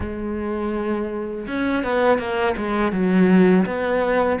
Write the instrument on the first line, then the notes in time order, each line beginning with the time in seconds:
cello
0.00 G#3
1.47 C#4
1.83 B3
2.18 A#3
2.56 G#3
2.92 F#3
3.65 B3